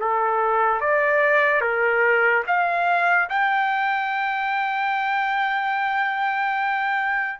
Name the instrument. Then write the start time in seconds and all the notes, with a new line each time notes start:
trumpet
0.00 A4
0.81 D5
1.61 A#4
2.47 F5
3.30 G5